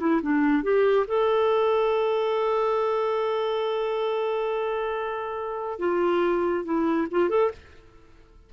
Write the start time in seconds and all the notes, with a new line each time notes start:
0.00 E4
0.22 D4
0.63 G4
1.08 A4
5.79 F4
6.65 E4
7.11 F4
7.30 A4